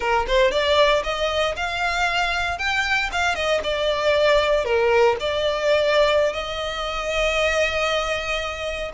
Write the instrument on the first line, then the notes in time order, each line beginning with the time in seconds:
violin
0.00 A#4
0.27 C5
0.51 D5
1.03 D#5
1.56 F5
2.58 G5
3.12 F5
3.35 D#5
3.63 D5
4.64 A#4
5.20 D5
6.32 D#5